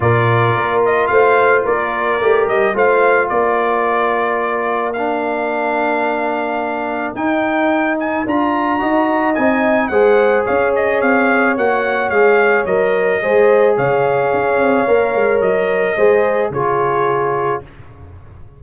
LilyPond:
<<
  \new Staff \with { instrumentName = "trumpet" } { \time 4/4 \tempo 4 = 109 d''4. dis''8 f''4 d''4~ | d''8 dis''8 f''4 d''2~ | d''4 f''2.~ | f''4 g''4. gis''8 ais''4~ |
ais''4 gis''4 fis''4 f''8 dis''8 | f''4 fis''4 f''4 dis''4~ | dis''4 f''2. | dis''2 cis''2 | }
  \new Staff \with { instrumentName = "horn" } { \time 4/4 ais'2 c''4 ais'4~ | ais'4 c''4 ais'2~ | ais'1~ | ais'1 |
dis''2 c''4 cis''4~ | cis''1 | c''4 cis''2.~ | cis''4 c''4 gis'2 | }
  \new Staff \with { instrumentName = "trombone" } { \time 4/4 f'1 | g'4 f'2.~ | f'4 d'2.~ | d'4 dis'2 f'4 |
fis'4 dis'4 gis'2~ | gis'4 fis'4 gis'4 ais'4 | gis'2. ais'4~ | ais'4 gis'4 f'2 | }
  \new Staff \with { instrumentName = "tuba" } { \time 4/4 ais,4 ais4 a4 ais4 | a8 g8 a4 ais2~ | ais1~ | ais4 dis'2 d'4 |
dis'4 c'4 gis4 cis'4 | c'4 ais4 gis4 fis4 | gis4 cis4 cis'8 c'8 ais8 gis8 | fis4 gis4 cis2 | }
>>